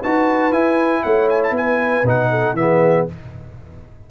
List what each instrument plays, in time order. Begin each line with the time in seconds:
0.00 tuba D#4, trombone F#4, horn B4, trumpet A5
0.52 tuba E4, trombone E4, trumpet G#5
1.04 tuba A3, horn C#5, trumpet F#5
1.30 trumpet G#5
1.43 trumpet A5
1.51 tuba B3, horn B4
1.57 trumpet G#5
2.04 tuba B2, trombone D#4, trumpet F#5
2.31 horn A4
2.53 tuba E3, trombone B3, trumpet E5
2.60 horn G#4